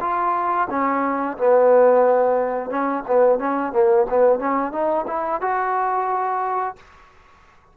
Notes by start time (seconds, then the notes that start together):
0.00 F4
0.70 C#4
1.37 B3
2.70 C#4
3.07 B3
3.39 C#4
3.72 A#3
4.09 B3
4.39 C#4
4.72 D#4
5.07 E4
5.41 F#4